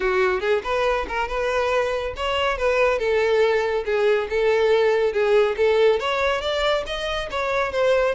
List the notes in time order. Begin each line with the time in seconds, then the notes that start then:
0.00 F#4
0.40 G#4
0.63 B4
1.08 A#4
1.28 B4
2.16 C#5
2.57 B4
2.98 A4
3.85 G#4
4.29 A4
5.12 G#4
5.56 A4
5.99 C#5
6.41 D5
6.86 D#5
7.30 C#5
7.72 C5